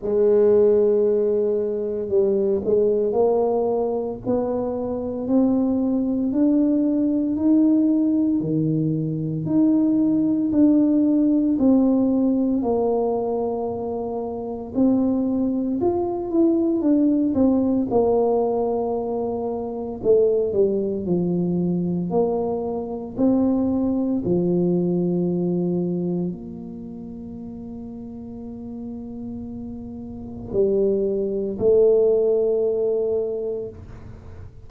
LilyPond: \new Staff \with { instrumentName = "tuba" } { \time 4/4 \tempo 4 = 57 gis2 g8 gis8 ais4 | b4 c'4 d'4 dis'4 | dis4 dis'4 d'4 c'4 | ais2 c'4 f'8 e'8 |
d'8 c'8 ais2 a8 g8 | f4 ais4 c'4 f4~ | f4 ais2.~ | ais4 g4 a2 | }